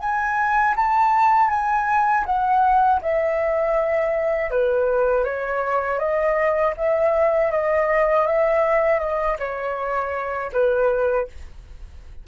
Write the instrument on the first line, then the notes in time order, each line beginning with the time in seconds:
flute
0.00 G#5
0.76 A5
1.50 G#5
2.26 F#5
3.02 E5
4.51 B4
5.25 C#5
5.99 D#5
6.77 E5
7.52 D#5
8.27 E5
9.00 D#5
9.39 C#5
10.53 B4